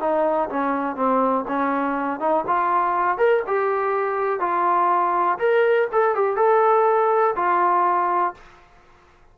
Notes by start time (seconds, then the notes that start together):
0.00 D#4
0.50 C#4
0.96 C4
1.48 C#4
2.20 D#4
2.47 F4
3.18 A#4
3.47 G4
4.40 F4
5.39 A#4
5.92 A4
6.15 G4
6.36 A4
7.36 F4